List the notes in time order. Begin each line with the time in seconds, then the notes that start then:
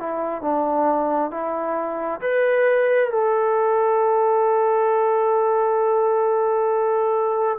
0.00 E4
0.42 D4
1.31 E4
2.21 B4
3.11 A4